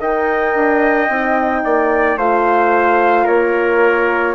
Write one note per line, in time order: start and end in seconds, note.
0.00 0.55 D#4
0.00 1.09 A#4
0.00 1.64 D#5
0.00 2.19 G5
0.55 1.09 D4
1.09 1.64 C4
1.09 2.20 D#4
1.65 2.16 A#3
1.65 2.18 D5
2.16 3.25 A3
2.16 4.35 F4
2.16 3.25 C5
2.16 3.27 F5
3.25 4.35 A#3
3.25 4.34 A#4
3.25 4.35 C#5